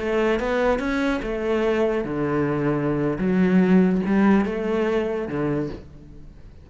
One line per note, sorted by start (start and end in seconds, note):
0.00 0.40 A3
0.40 0.80 B3
0.80 1.21 C#4
1.23 2.04 A3
2.04 3.18 D3
3.19 4.02 F#3
4.06 4.45 G3
4.45 5.28 A3
5.29 5.70 D3